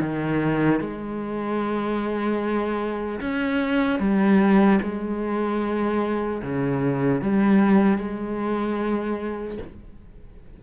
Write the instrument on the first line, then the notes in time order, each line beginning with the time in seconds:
cello
0.00 D#3
0.80 G#3
3.20 C#4
3.99 G3
4.82 G#3
6.43 C#3
7.21 G3
7.98 G#3